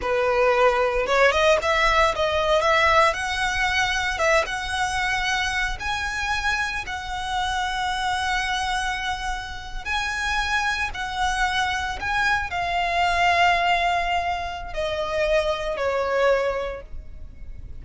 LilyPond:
\new Staff \with { instrumentName = "violin" } { \time 4/4 \tempo 4 = 114 b'2 cis''8 dis''8 e''4 | dis''4 e''4 fis''2 | e''8 fis''2~ fis''8 gis''4~ | gis''4 fis''2.~ |
fis''2~ fis''8. gis''4~ gis''16~ | gis''8. fis''2 gis''4 f''16~ | f''1 | dis''2 cis''2 | }